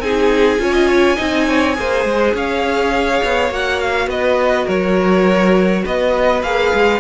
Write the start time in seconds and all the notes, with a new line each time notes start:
0.00 C4 D#4 G#4 G#5
0.59 C#4 F4 C#5
0.73 D#5
0.88 C#5
1.16 C4 D#4 D#5
1.48 C#5
1.75 A#3 G#4 C5
2.05 G#3
2.34 C#4 C#5 F5
3.24 B3
3.50 A#3 F#4 F#5
3.80 F5
4.07 B3 B4 D#5
4.66 F#3 A#4 C#5
5.85 B3 B4 D#5
6.43 A#3 G#4 F5
6.74 G#3